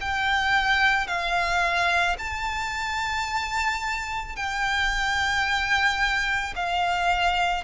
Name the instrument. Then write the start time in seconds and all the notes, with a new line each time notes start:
violin
0.00 G5
1.07 F5
2.18 A5
4.36 G5
6.56 F5